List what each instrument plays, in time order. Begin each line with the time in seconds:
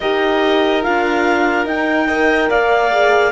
0.00 cello D#4, horn G4, violin A#4, clarinet D#5
0.82 cello D4, horn F4, clarinet F5
1.65 horn D#4, cello D#4, clarinet G5
2.07 horn A#4, violin D#5
2.49 cello A#3, violin D5, clarinet F5
2.91 horn G#4